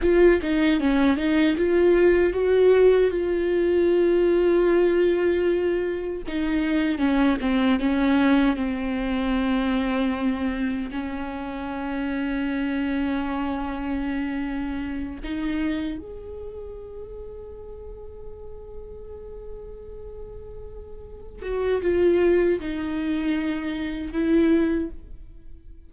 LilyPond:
\new Staff \with { instrumentName = "viola" } { \time 4/4 \tempo 4 = 77 f'8 dis'8 cis'8 dis'8 f'4 fis'4 | f'1 | dis'4 cis'8 c'8 cis'4 c'4~ | c'2 cis'2~ |
cis'2.~ cis'8 dis'8~ | dis'8 gis'2.~ gis'8~ | gis'2.~ gis'8 fis'8 | f'4 dis'2 e'4 | }